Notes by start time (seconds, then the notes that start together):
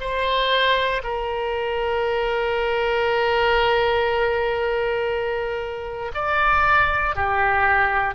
0.00 C5
1.03 A#4
6.14 D5
7.16 G4